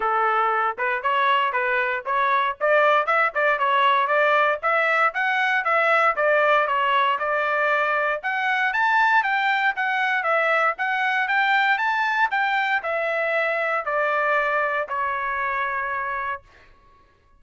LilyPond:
\new Staff \with { instrumentName = "trumpet" } { \time 4/4 \tempo 4 = 117 a'4. b'8 cis''4 b'4 | cis''4 d''4 e''8 d''8 cis''4 | d''4 e''4 fis''4 e''4 | d''4 cis''4 d''2 |
fis''4 a''4 g''4 fis''4 | e''4 fis''4 g''4 a''4 | g''4 e''2 d''4~ | d''4 cis''2. | }